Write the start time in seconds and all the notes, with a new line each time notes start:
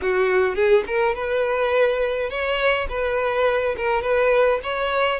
0.01 F#4
0.55 G#4
0.87 A#4
1.14 B4
2.29 C#5
2.89 B4
3.77 A#4
4.01 B4
4.63 C#5